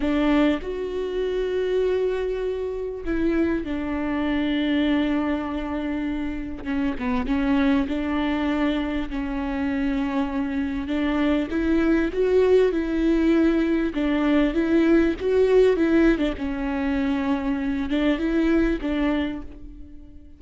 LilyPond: \new Staff \with { instrumentName = "viola" } { \time 4/4 \tempo 4 = 99 d'4 fis'2.~ | fis'4 e'4 d'2~ | d'2. cis'8 b8 | cis'4 d'2 cis'4~ |
cis'2 d'4 e'4 | fis'4 e'2 d'4 | e'4 fis'4 e'8. d'16 cis'4~ | cis'4. d'8 e'4 d'4 | }